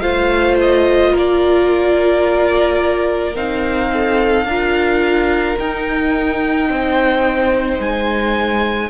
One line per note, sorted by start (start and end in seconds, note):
0.00 1.12 A3
0.00 3.34 F4
0.00 1.12 C5
0.00 0.56 F5
0.61 1.16 D#5
1.12 3.36 A#3
1.12 3.90 A#4
1.12 3.36 D5
3.35 4.45 C4
3.35 4.46 D#4
3.35 5.58 F5
3.93 4.47 A4
4.45 5.56 D4
4.45 5.58 F4
4.45 6.69 A#4
5.58 8.90 D#4
5.58 6.69 D#4
5.58 7.81 G5
6.69 7.79 C4
6.69 8.90 C5
7.79 8.90 G#3
7.79 8.90 G#5